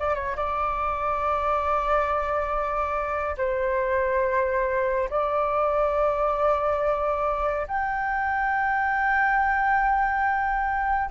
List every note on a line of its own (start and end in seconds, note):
0.00 0.15 D5
0.15 0.36 C#5
0.37 3.37 D5
3.38 5.09 C5
5.10 7.67 D5
7.68 11.10 G5